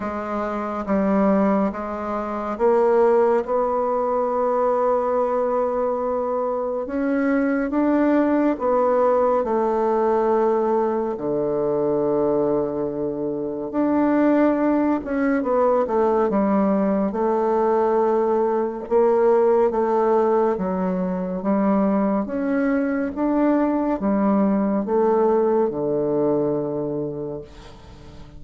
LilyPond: \new Staff \with { instrumentName = "bassoon" } { \time 4/4 \tempo 4 = 70 gis4 g4 gis4 ais4 | b1 | cis'4 d'4 b4 a4~ | a4 d2. |
d'4. cis'8 b8 a8 g4 | a2 ais4 a4 | fis4 g4 cis'4 d'4 | g4 a4 d2 | }